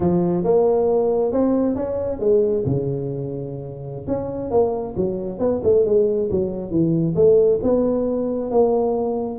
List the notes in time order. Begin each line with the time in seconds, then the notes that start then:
0.00 F3
0.44 A#3
1.32 C4
1.75 C#4
2.19 G#3
2.65 C#3
4.07 C#4
4.50 A#3
4.96 F#3
5.39 B3
5.63 A3
5.85 G#3
6.30 F#3
6.70 E3
7.15 A3
7.62 B3
8.50 A#3